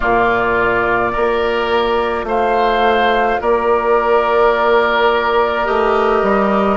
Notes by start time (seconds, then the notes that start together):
0.00 A#2 A#3 F4 D5
1.12 A#3 F4 A#4
2.23 A3 C5 F5
3.40 A#3 A#4 D5
5.64 A3 G4 D#5
6.22 G3